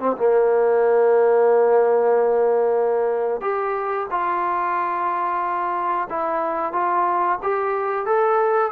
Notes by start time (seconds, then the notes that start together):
0.00 C4
0.17 A#3
3.41 G4
4.11 F4
6.10 E4
6.73 F4
7.43 G4
8.06 A4